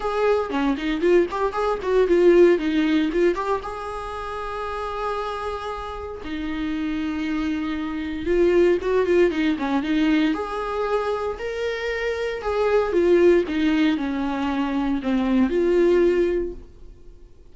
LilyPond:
\new Staff \with { instrumentName = "viola" } { \time 4/4 \tempo 4 = 116 gis'4 cis'8 dis'8 f'8 g'8 gis'8 fis'8 | f'4 dis'4 f'8 g'8 gis'4~ | gis'1 | dis'1 |
f'4 fis'8 f'8 dis'8 cis'8 dis'4 | gis'2 ais'2 | gis'4 f'4 dis'4 cis'4~ | cis'4 c'4 f'2 | }